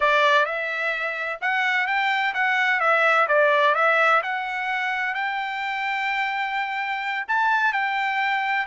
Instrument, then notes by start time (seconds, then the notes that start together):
trumpet
0.00 D5
0.45 E5
1.41 F#5
1.86 G5
2.34 F#5
2.80 E5
3.27 D5
3.74 E5
4.23 F#5
5.14 G5
7.28 A5
7.72 G5